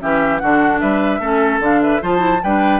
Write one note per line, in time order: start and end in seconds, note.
0.00 0.42 E3
0.00 0.40 C#4
0.00 0.41 G4
0.00 0.38 E5
0.38 0.82 D3
0.38 1.21 D4
0.38 0.80 F#4
0.38 0.78 F#5
0.79 1.19 G3
0.79 1.20 B4
0.79 1.59 E5
1.19 1.59 A3
1.19 1.60 C#4
1.19 1.80 A4
1.60 2.00 D3
1.60 2.00 D4
1.60 1.82 F5
1.82 2.01 B4
1.82 2.02 E5
2.01 2.42 F3
2.01 2.18 F4
2.01 2.41 C5
2.01 2.43 A5
2.18 2.38 E4
2.43 2.80 G3
2.43 2.80 D4
2.43 2.80 B4
2.43 2.80 G5